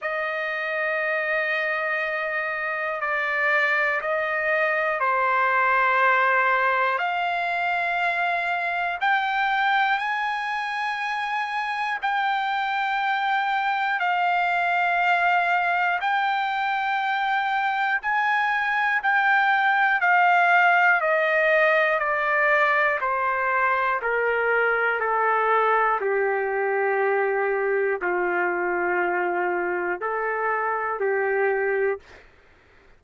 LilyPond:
\new Staff \with { instrumentName = "trumpet" } { \time 4/4 \tempo 4 = 60 dis''2. d''4 | dis''4 c''2 f''4~ | f''4 g''4 gis''2 | g''2 f''2 |
g''2 gis''4 g''4 | f''4 dis''4 d''4 c''4 | ais'4 a'4 g'2 | f'2 a'4 g'4 | }